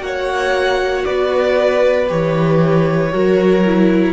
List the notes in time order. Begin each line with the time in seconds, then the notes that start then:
0.00 A#3 F#4 F#5
0.06 C#5
1.05 B3 B4 D5
2.08 E3 G4 C#5
3.12 F#3 F#4 A#4
3.66 E4